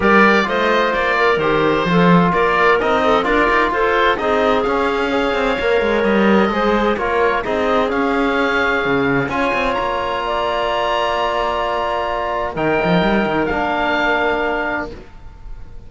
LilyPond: <<
  \new Staff \with { instrumentName = "oboe" } { \time 4/4 \tempo 4 = 129 d''4 dis''4 d''4 c''4~ | c''4 d''4 dis''4 d''4 | c''4 dis''4 f''2~ | f''4 dis''2 cis''4 |
dis''4 f''2. | gis''4 ais''2.~ | ais''2. g''4~ | g''4 f''2. | }
  \new Staff \with { instrumentName = "clarinet" } { \time 4/4 ais'4 c''4. ais'4. | a'4 ais'4. a'8 ais'4 | a'4 gis'2 cis''4~ | cis''2 c''4 ais'4 |
gis'1 | cis''2 d''2~ | d''2. ais'4~ | ais'1 | }
  \new Staff \with { instrumentName = "trombone" } { \time 4/4 g'4 f'2 g'4 | f'2 dis'4 f'4~ | f'4 dis'4 cis'4 gis'4 | ais'2 gis'4 f'4 |
dis'4 cis'2. | f'1~ | f'2. dis'4~ | dis'4 d'2. | }
  \new Staff \with { instrumentName = "cello" } { \time 4/4 g4 a4 ais4 dis4 | f4 ais4 c'4 d'8 dis'8 | f'4 c'4 cis'4. c'8 | ais8 gis8 g4 gis4 ais4 |
c'4 cis'2 cis4 | cis'8 c'8 ais2.~ | ais2. dis8 f8 | g8 dis8 ais2. | }
>>